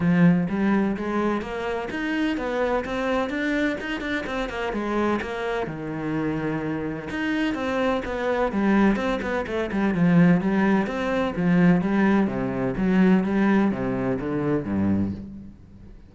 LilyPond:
\new Staff \with { instrumentName = "cello" } { \time 4/4 \tempo 4 = 127 f4 g4 gis4 ais4 | dis'4 b4 c'4 d'4 | dis'8 d'8 c'8 ais8 gis4 ais4 | dis2. dis'4 |
c'4 b4 g4 c'8 b8 | a8 g8 f4 g4 c'4 | f4 g4 c4 fis4 | g4 c4 d4 g,4 | }